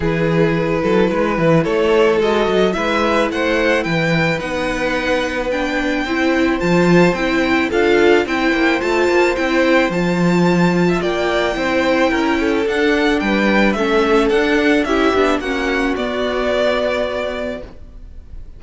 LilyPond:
<<
  \new Staff \with { instrumentName = "violin" } { \time 4/4 \tempo 4 = 109 b'2. cis''4 | dis''4 e''4 fis''4 g''4 | fis''2 g''2 | a''4 g''4 f''4 g''4 |
a''4 g''4 a''2 | g''2. fis''4 | g''4 e''4 fis''4 e''4 | fis''4 d''2. | }
  \new Staff \with { instrumentName = "violin" } { \time 4/4 gis'4. a'8 b'4 a'4~ | a'4 b'4 c''4 b'4~ | b'2. c''4~ | c''2 a'4 c''4~ |
c''2.~ c''8. e''16 | d''4 c''4 ais'8 a'4. | b'4 a'2 g'4 | fis'1 | }
  \new Staff \with { instrumentName = "viola" } { \time 4/4 e'1 | fis'4 e'2. | dis'2 d'4 e'4 | f'4 e'4 f'4 e'4 |
f'4 e'4 f'2~ | f'4 e'2 d'4~ | d'4 cis'4 d'4 e'8 d'8 | cis'4 b2. | }
  \new Staff \with { instrumentName = "cello" } { \time 4/4 e4. fis8 gis8 e8 a4 | gis8 fis8 gis4 a4 e4 | b2. c'4 | f4 c'4 d'4 c'8 ais8 |
a8 ais8 c'4 f2 | ais4 c'4 cis'4 d'4 | g4 a4 d'4 cis'8 b8 | ais4 b2. | }
>>